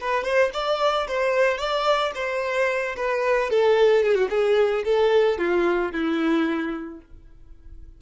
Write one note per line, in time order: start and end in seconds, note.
0.00 0.24 B4
0.24 0.51 C5
0.53 1.07 D5
1.08 1.58 C5
1.58 2.12 D5
2.15 2.96 C5
2.96 3.50 B4
3.50 4.03 A4
4.03 4.14 G#4
4.14 4.28 F#4
4.29 4.84 G#4
4.85 5.38 A4
5.38 5.92 F4
5.92 7.00 E4